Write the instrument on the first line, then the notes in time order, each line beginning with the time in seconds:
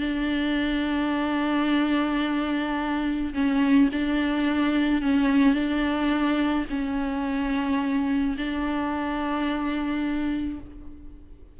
viola
0.00 D4
3.34 C#4
3.92 D4
5.02 C#4
5.55 D4
6.70 C#4
8.38 D4